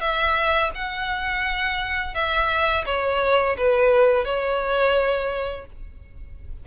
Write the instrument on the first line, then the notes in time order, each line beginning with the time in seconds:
violin
0.00 E5
0.74 F#5
2.14 E5
2.86 C#5
3.57 B4
4.24 C#5